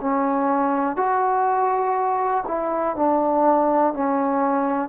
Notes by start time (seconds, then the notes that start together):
0.00 C#4
0.96 F#4
2.48 E4
2.96 D4
3.93 C#4